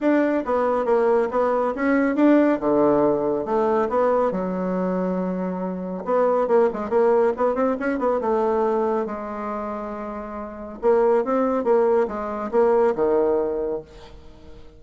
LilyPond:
\new Staff \with { instrumentName = "bassoon" } { \time 4/4 \tempo 4 = 139 d'4 b4 ais4 b4 | cis'4 d'4 d2 | a4 b4 fis2~ | fis2 b4 ais8 gis8 |
ais4 b8 c'8 cis'8 b8 a4~ | a4 gis2.~ | gis4 ais4 c'4 ais4 | gis4 ais4 dis2 | }